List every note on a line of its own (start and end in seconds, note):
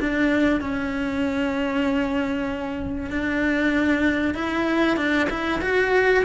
0.00 0.61 D4
0.61 3.11 C#4
3.11 4.34 D4
4.34 4.97 E4
4.97 5.28 D4
5.30 5.61 E4
5.62 6.24 F#4